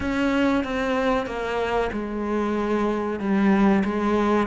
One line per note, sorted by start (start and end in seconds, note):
0.00 0.64 C#4
0.64 1.26 C4
1.26 1.90 A#3
1.92 3.19 G#3
3.19 3.83 G3
3.84 4.47 G#3